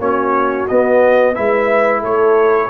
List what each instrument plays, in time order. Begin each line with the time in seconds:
0.00 tuba A#3, trombone C#4, horn F#4, trumpet C#5
0.68 tuba B3, trombone B3, trumpet D#5
1.35 tuba G#3, trombone E4, horn B4, trumpet E5
2.01 tuba A3, horn A4, trumpet C#5